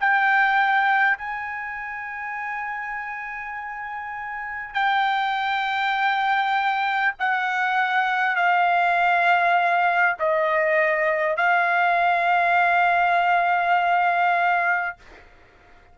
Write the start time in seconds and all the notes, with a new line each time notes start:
0.00 G5
1.17 G#5
4.73 G5
7.19 F#5
8.36 F5
10.19 D#5
11.37 F5